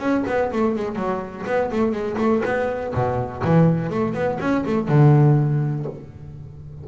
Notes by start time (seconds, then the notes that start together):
0.00 C#4
0.27 B3
0.53 A3
0.76 G#3
0.96 F#3
1.47 B3
1.72 A3
1.92 G#3
2.19 A3
2.45 B3
2.95 B2
3.45 E3
3.90 A3
4.14 B3
4.40 C#4
4.66 A3
4.89 D3